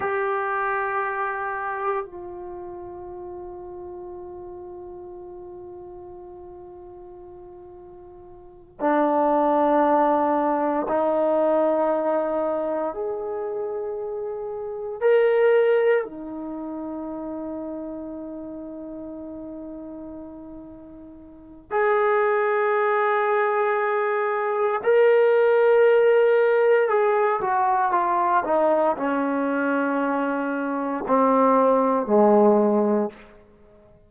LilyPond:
\new Staff \with { instrumentName = "trombone" } { \time 4/4 \tempo 4 = 58 g'2 f'2~ | f'1~ | f'8 d'2 dis'4.~ | dis'8 gis'2 ais'4 dis'8~ |
dis'1~ | dis'4 gis'2. | ais'2 gis'8 fis'8 f'8 dis'8 | cis'2 c'4 gis4 | }